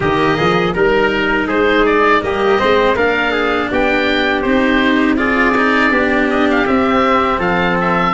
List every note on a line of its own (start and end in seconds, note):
0.00 0.38 D#3
0.00 0.74 A#3
0.00 0.36 G4
0.00 0.73 D#5
0.36 0.75 F3
0.36 0.73 G#4
0.73 1.47 G3
0.73 2.21 D#4
0.73 1.47 A#4
1.47 2.21 G#3
1.47 2.21 G#4
1.47 1.85 C5
1.85 2.22 D5
2.21 2.59 G3
2.21 2.58 A#3
2.21 2.60 G4
2.21 2.96 D#5
2.58 2.95 G#3
2.58 2.95 C4
2.58 2.96 C5
2.95 3.69 A#3
2.95 4.44 D4
2.95 3.31 A#4
2.95 3.70 F5
3.31 3.68 G#4
3.71 4.44 B3
3.71 5.18 G4
3.71 4.41 G5
4.41 5.91 C4
4.41 5.17 D#4
4.41 5.15 C5
5.17 5.54 F4
5.17 5.91 G#4
5.17 6.28 D5
5.57 5.91 D#4
5.91 6.65 B3
5.91 6.65 D4
5.91 7.38 G4
6.30 6.48 D#5
6.50 6.66 F5
6.66 8.14 C4
6.66 7.39 C4
6.66 7.40 E5
7.38 8.13 F3
7.38 8.12 A4
7.38 7.77 F5
7.81 8.14 E5